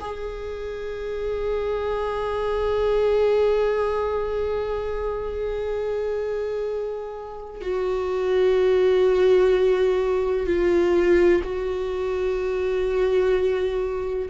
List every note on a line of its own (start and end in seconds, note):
0.00 7.61 G#4
7.61 10.46 F#4
10.46 11.42 F4
11.43 14.29 F#4